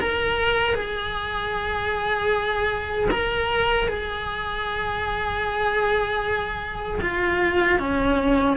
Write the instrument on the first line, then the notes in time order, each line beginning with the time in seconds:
cello
0.00 A#4
0.75 G#4
3.11 A#4
3.88 G#4
7.02 F4
7.79 C#4